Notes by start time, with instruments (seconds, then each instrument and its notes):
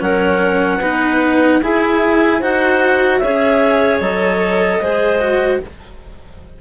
0.00 bassoon F#3, cello C#4, clarinet A#4 F#5
0.78 bassoon B3, cello D#4, clarinet B4
1.62 bassoon E4, cello E4, clarinet G#4 G#5
2.39 bassoon D#4, cello F#4, clarinet C5 F#5
3.18 bassoon C#4, cello G#4, clarinet C#5 E5
4.00 bassoon F#3, cello A4, clarinet D#5
4.81 bassoon G#3, cello G#4, clarinet C5
5.20 cello F#4